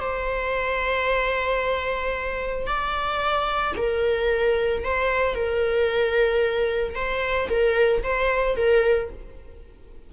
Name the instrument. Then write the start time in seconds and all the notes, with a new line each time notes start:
viola
0.00 C5
2.67 D5
3.77 A#4
4.84 C5
5.35 A#4
6.95 C5
7.49 A#4
8.03 C5
8.56 A#4